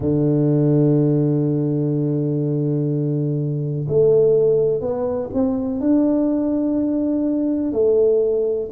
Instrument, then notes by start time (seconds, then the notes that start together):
tuba
0.00 D3
3.88 A3
4.80 B3
5.33 C4
5.80 D4
7.72 A3